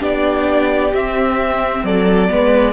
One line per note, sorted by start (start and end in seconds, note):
0.00 0.92 B3
0.00 0.91 D4
0.00 1.82 G4
0.00 0.94 D5
0.93 1.84 C4
0.93 2.29 C4
0.93 1.85 E5
1.84 2.29 F#3
1.84 2.31 A4
1.84 2.73 D5
2.29 2.73 G#3
2.29 2.73 B3
2.29 2.73 B4